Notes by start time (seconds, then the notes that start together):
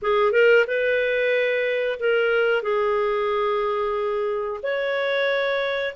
0.02 G#4
0.32 A#4
0.67 B4
1.99 A#4
2.62 G#4
4.62 C#5